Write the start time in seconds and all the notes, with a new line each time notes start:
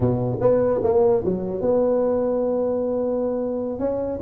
0.00 B2
0.41 B3
0.83 A#3
1.24 F#3
1.61 B3
3.79 C#4